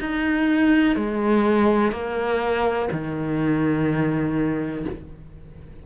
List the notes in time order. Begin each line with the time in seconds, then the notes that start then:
0.00 D#4
0.95 G#3
1.91 A#3
2.92 D#3